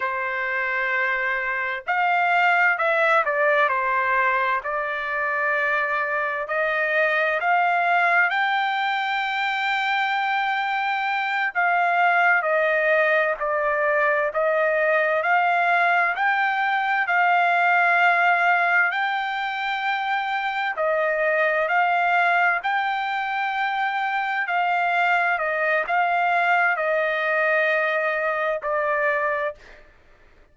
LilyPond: \new Staff \with { instrumentName = "trumpet" } { \time 4/4 \tempo 4 = 65 c''2 f''4 e''8 d''8 | c''4 d''2 dis''4 | f''4 g''2.~ | g''8 f''4 dis''4 d''4 dis''8~ |
dis''8 f''4 g''4 f''4.~ | f''8 g''2 dis''4 f''8~ | f''8 g''2 f''4 dis''8 | f''4 dis''2 d''4 | }